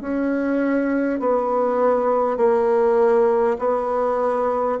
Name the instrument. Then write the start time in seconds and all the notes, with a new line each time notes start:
bassoon
0.00 C#4
1.19 B3
2.37 A#3
3.58 B3